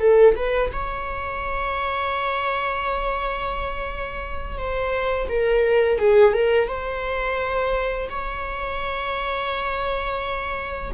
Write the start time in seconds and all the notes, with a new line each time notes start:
0.00 A4
0.36 B4
0.73 C#5
4.58 C5
5.29 A#4
5.99 G#4
6.34 A#4
6.68 C5
8.10 C#5